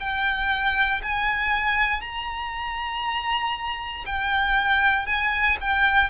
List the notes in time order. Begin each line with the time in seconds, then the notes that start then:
0.00 G5
1.03 G#5
2.02 A#5
4.06 G5
5.06 G#5
5.61 G5